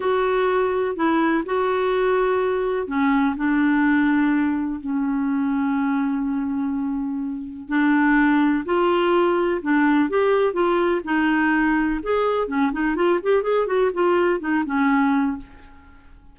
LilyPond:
\new Staff \with { instrumentName = "clarinet" } { \time 4/4 \tempo 4 = 125 fis'2 e'4 fis'4~ | fis'2 cis'4 d'4~ | d'2 cis'2~ | cis'1 |
d'2 f'2 | d'4 g'4 f'4 dis'4~ | dis'4 gis'4 cis'8 dis'8 f'8 g'8 | gis'8 fis'8 f'4 dis'8 cis'4. | }